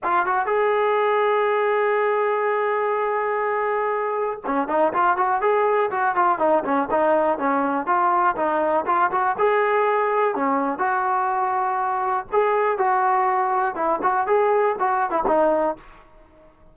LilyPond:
\new Staff \with { instrumentName = "trombone" } { \time 4/4 \tempo 4 = 122 f'8 fis'8 gis'2.~ | gis'1~ | gis'4 cis'8 dis'8 f'8 fis'8 gis'4 | fis'8 f'8 dis'8 cis'8 dis'4 cis'4 |
f'4 dis'4 f'8 fis'8 gis'4~ | gis'4 cis'4 fis'2~ | fis'4 gis'4 fis'2 | e'8 fis'8 gis'4 fis'8. e'16 dis'4 | }